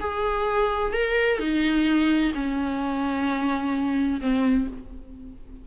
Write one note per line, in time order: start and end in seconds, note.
0.00 0.93 G#4
0.93 1.39 A#4
1.39 2.32 D#4
2.35 4.21 C#4
4.21 4.67 C4